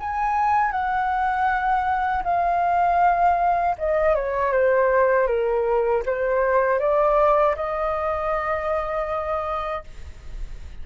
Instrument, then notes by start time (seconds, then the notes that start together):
flute
0.00 G#5
0.72 F#5
2.24 F5
3.79 D#5
4.16 C#5
4.53 C5
5.27 A#4
6.06 C5
6.80 D5
7.56 D#5